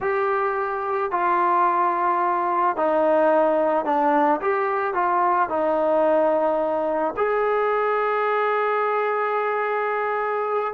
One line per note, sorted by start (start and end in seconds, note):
0.01 1.11 G4
1.11 2.76 F4
2.76 3.85 D#4
3.85 4.40 D4
4.41 4.94 G4
4.94 5.49 F4
5.49 7.14 D#4
7.16 10.73 G#4